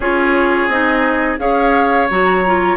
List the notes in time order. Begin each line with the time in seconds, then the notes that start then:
0.00 C#4 F4 G#4 C#5
0.68 C4 D#4 D#5
1.38 C#4 G#4 C#5 F5
2.10 F#3 F#4 A#5
2.45 F4